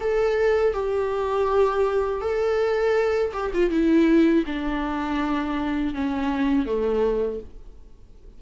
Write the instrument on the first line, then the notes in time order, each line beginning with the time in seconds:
viola
0.00 A4
0.73 G4
2.21 A4
3.33 G4
3.54 F4
3.70 E4
4.46 D4
5.94 C#4
6.66 A3